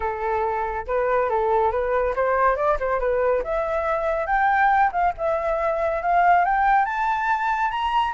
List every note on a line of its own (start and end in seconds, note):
0.00 0.86 A4
0.86 1.29 B4
1.29 1.71 A4
1.71 2.14 B4
2.15 2.56 C5
2.56 2.77 D5
2.79 2.99 C5
2.99 3.42 B4
3.43 4.26 E5
4.26 4.90 G5
4.91 5.13 F5
5.17 6.02 E5
6.02 6.45 F5
6.45 6.85 G5
6.85 7.70 A5
7.70 8.13 A#5